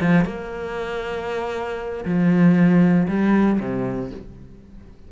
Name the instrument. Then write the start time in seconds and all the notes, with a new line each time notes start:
cello
0.00 F3
0.25 A#3
2.05 F3
3.08 G3
3.59 C3